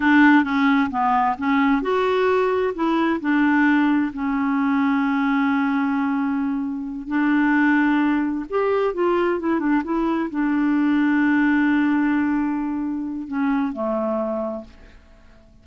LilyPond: \new Staff \with { instrumentName = "clarinet" } { \time 4/4 \tempo 4 = 131 d'4 cis'4 b4 cis'4 | fis'2 e'4 d'4~ | d'4 cis'2.~ | cis'2.~ cis'8 d'8~ |
d'2~ d'8 g'4 f'8~ | f'8 e'8 d'8 e'4 d'4.~ | d'1~ | d'4 cis'4 a2 | }